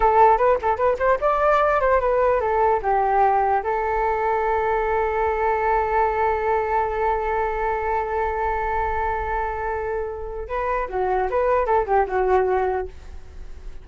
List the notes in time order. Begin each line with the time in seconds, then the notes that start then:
0.00 A4
0.37 B4
0.61 A4
0.77 B4
0.98 C5
1.20 D5
1.80 C5
2.00 B4
2.40 A4
2.82 G4
3.63 A4
10.48 B4
10.88 F#4
11.30 B4
11.66 A4
11.86 G4
12.07 F#4